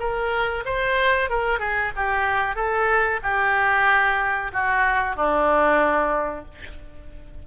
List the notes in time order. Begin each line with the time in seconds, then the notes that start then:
0.00 A#4
0.65 C5
1.30 A#4
1.60 G#4
1.96 G4
2.56 A4
3.23 G4
4.53 F#4
5.16 D4